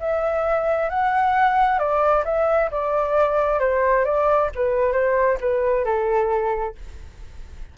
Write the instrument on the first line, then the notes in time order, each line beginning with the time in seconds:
flute
0.00 E5
0.89 F#5
1.79 D5
2.25 E5
2.71 D5
3.59 C5
4.05 D5
4.55 B4
4.92 C5
5.40 B4
5.85 A4